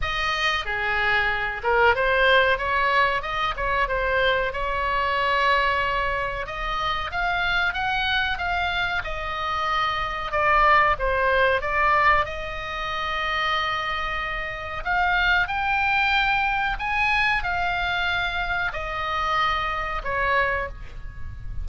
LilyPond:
\new Staff \with { instrumentName = "oboe" } { \time 4/4 \tempo 4 = 93 dis''4 gis'4. ais'8 c''4 | cis''4 dis''8 cis''8 c''4 cis''4~ | cis''2 dis''4 f''4 | fis''4 f''4 dis''2 |
d''4 c''4 d''4 dis''4~ | dis''2. f''4 | g''2 gis''4 f''4~ | f''4 dis''2 cis''4 | }